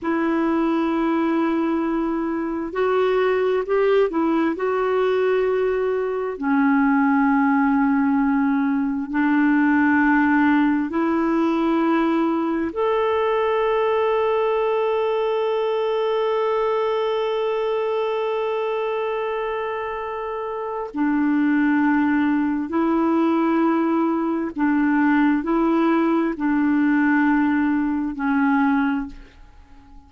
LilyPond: \new Staff \with { instrumentName = "clarinet" } { \time 4/4 \tempo 4 = 66 e'2. fis'4 | g'8 e'8 fis'2 cis'4~ | cis'2 d'2 | e'2 a'2~ |
a'1~ | a'2. d'4~ | d'4 e'2 d'4 | e'4 d'2 cis'4 | }